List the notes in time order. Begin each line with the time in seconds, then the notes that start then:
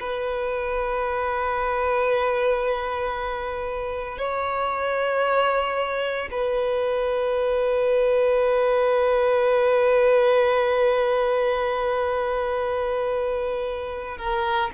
0.00 B4
4.18 C#5
6.32 B4
14.18 A#4